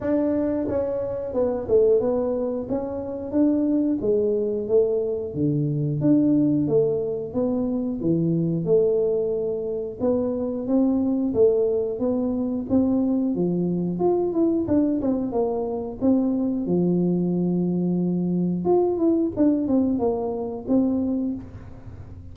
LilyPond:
\new Staff \with { instrumentName = "tuba" } { \time 4/4 \tempo 4 = 90 d'4 cis'4 b8 a8 b4 | cis'4 d'4 gis4 a4 | d4 d'4 a4 b4 | e4 a2 b4 |
c'4 a4 b4 c'4 | f4 f'8 e'8 d'8 c'8 ais4 | c'4 f2. | f'8 e'8 d'8 c'8 ais4 c'4 | }